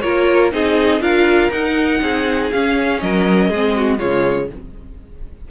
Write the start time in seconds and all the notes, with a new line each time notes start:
0.00 A#3 F4 A#4 C#5
0.51 C4 D#4 G#4 D#5
1.00 D4 F4 A#4 F5
1.50 D#4 F#5
2.01 C4 G#4
2.52 C#4 F5
3.00 F#3 A#4 D#5
3.49 G#3 C4 G#4
3.76 F#4
3.98 C#3 G#3 F4 C#5